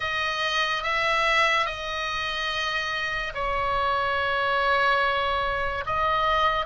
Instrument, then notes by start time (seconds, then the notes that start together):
oboe
0.00 D#5
0.83 E5
1.66 D#5
3.34 C#5
5.85 D#5